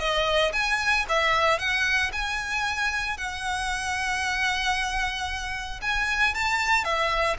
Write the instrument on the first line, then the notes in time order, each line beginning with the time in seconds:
violin
0.00 D#5
0.53 G#5
1.09 E5
1.59 F#5
2.13 G#5
3.18 F#5
5.82 G#5
6.35 A5
6.85 E5